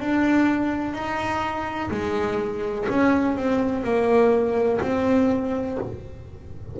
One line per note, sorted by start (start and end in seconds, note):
0.00 0.93 D4
0.93 1.90 D#4
1.91 2.88 G#3
2.89 3.37 C#4
3.37 3.84 C4
3.84 4.80 A#3
4.82 5.78 C4